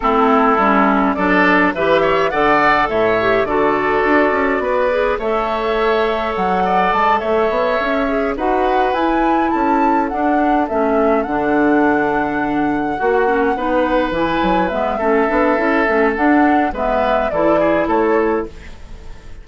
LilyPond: <<
  \new Staff \with { instrumentName = "flute" } { \time 4/4 \tempo 4 = 104 a'2 d''4 e''4 | fis''4 e''4 d''2~ | d''4 e''2 fis''4 | a''8 e''2 fis''4 gis''8~ |
gis''8 a''4 fis''4 e''4 fis''8~ | fis''1~ | fis''8 gis''4 e''2~ e''8 | fis''4 e''4 d''4 cis''4 | }
  \new Staff \with { instrumentName = "oboe" } { \time 4/4 e'2 a'4 b'8 cis''8 | d''4 cis''4 a'2 | b'4 cis''2~ cis''8 d''8~ | d''8 cis''2 b'4.~ |
b'8 a'2.~ a'8~ | a'2~ a'8 fis'4 b'8~ | b'2 a'2~ | a'4 b'4 a'8 gis'8 a'4 | }
  \new Staff \with { instrumentName = "clarinet" } { \time 4/4 c'4 cis'4 d'4 g'4 | a'4. g'8 fis'2~ | fis'8 gis'8 a'2.~ | a'2 gis'8 fis'4 e'8~ |
e'4. d'4 cis'4 d'8~ | d'2~ d'8 fis'8 cis'8 dis'8~ | dis'8 e'4 b8 cis'8 d'8 e'8 cis'8 | d'4 b4 e'2 | }
  \new Staff \with { instrumentName = "bassoon" } { \time 4/4 a4 g4 fis4 e4 | d4 a,4 d4 d'8 cis'8 | b4 a2 fis4 | gis8 a8 b8 cis'4 dis'4 e'8~ |
e'8 cis'4 d'4 a4 d8~ | d2~ d8 ais4 b8~ | b8 e8 fis8 gis8 a8 b8 cis'8 a8 | d'4 gis4 e4 a4 | }
>>